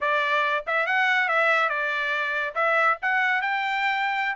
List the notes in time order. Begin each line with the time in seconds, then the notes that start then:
0.01 D5
0.66 E5
0.86 F#5
1.28 E5
1.69 D5
2.55 E5
3.02 F#5
3.41 G5